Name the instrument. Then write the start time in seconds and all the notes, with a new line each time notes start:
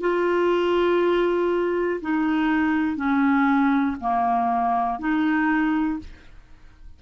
clarinet
0.00 F4
2.00 D#4
2.96 C#4
4.00 A#3
4.99 D#4